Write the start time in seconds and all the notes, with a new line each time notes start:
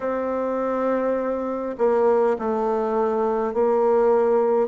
0.00 C4
1.78 A#3
2.39 A3
3.53 A#3